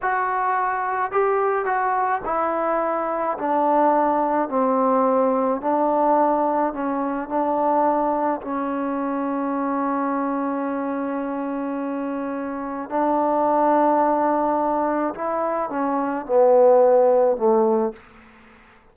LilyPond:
\new Staff \with { instrumentName = "trombone" } { \time 4/4 \tempo 4 = 107 fis'2 g'4 fis'4 | e'2 d'2 | c'2 d'2 | cis'4 d'2 cis'4~ |
cis'1~ | cis'2. d'4~ | d'2. e'4 | cis'4 b2 a4 | }